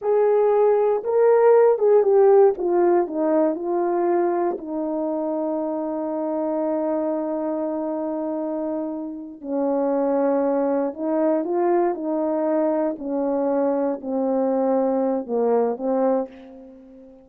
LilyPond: \new Staff \with { instrumentName = "horn" } { \time 4/4 \tempo 4 = 118 gis'2 ais'4. gis'8 | g'4 f'4 dis'4 f'4~ | f'4 dis'2.~ | dis'1~ |
dis'2~ dis'8 cis'4.~ | cis'4. dis'4 f'4 dis'8~ | dis'4. cis'2 c'8~ | c'2 ais4 c'4 | }